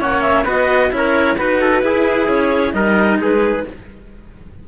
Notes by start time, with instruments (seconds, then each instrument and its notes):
0.00 cello A#3 C#4, trumpet C#5, clarinet F#5
0.22 clarinet E5
0.45 cello B3 F#4, trumpet B4, clarinet D#5
0.90 cello C#4 E4, clarinet C#5
0.97 trumpet A#4
1.38 cello D#4 F#4, clarinet B4, trumpet B4
1.61 trumpet A4
1.83 cello E4, trumpet G#4
2.28 cello C#4, clarinet C#5
2.73 cello G3 D#4, trumpet A#4, clarinet D#5
3.19 cello G#3, trumpet G#4, clarinet B4